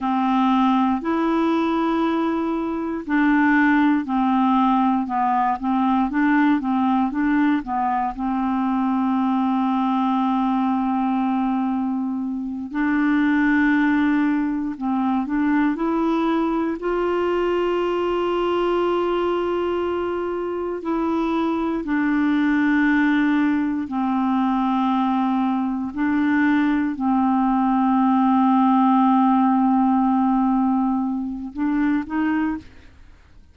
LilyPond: \new Staff \with { instrumentName = "clarinet" } { \time 4/4 \tempo 4 = 59 c'4 e'2 d'4 | c'4 b8 c'8 d'8 c'8 d'8 b8 | c'1~ | c'8 d'2 c'8 d'8 e'8~ |
e'8 f'2.~ f'8~ | f'8 e'4 d'2 c'8~ | c'4. d'4 c'4.~ | c'2. d'8 dis'8 | }